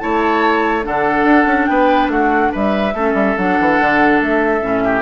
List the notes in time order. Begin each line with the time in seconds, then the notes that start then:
0.00 A3 E4 C#5 A5
0.83 D3 D4 A4 F#5
1.24 D4
1.46 C#4
1.66 B3 B4 G5
2.08 A3 F#4 F#5
2.52 G3 B4 E5
2.94 A3 C#4 A4
3.14 G3
3.38 F#3 D4 F#5
3.60 E3
3.80 D3
4.22 A3 E5
4.62 A2 C#4
4.85 G4